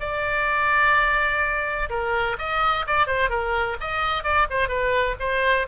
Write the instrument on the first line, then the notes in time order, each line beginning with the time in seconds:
oboe
0.00 D5
1.90 A#4
2.38 D#5
2.87 D5
3.07 C5
3.29 A#4
3.80 D#5
4.23 D5
4.50 C5
4.68 B4
5.19 C5